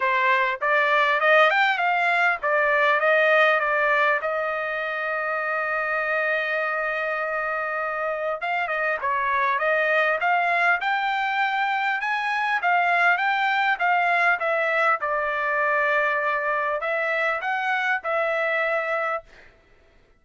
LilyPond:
\new Staff \with { instrumentName = "trumpet" } { \time 4/4 \tempo 4 = 100 c''4 d''4 dis''8 g''8 f''4 | d''4 dis''4 d''4 dis''4~ | dis''1~ | dis''2 f''8 dis''8 cis''4 |
dis''4 f''4 g''2 | gis''4 f''4 g''4 f''4 | e''4 d''2. | e''4 fis''4 e''2 | }